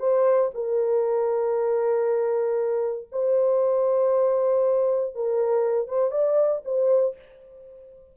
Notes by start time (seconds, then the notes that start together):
0.00 C5
0.54 A#4
3.12 C5
5.15 A#4
5.88 C5
6.11 D5
6.65 C5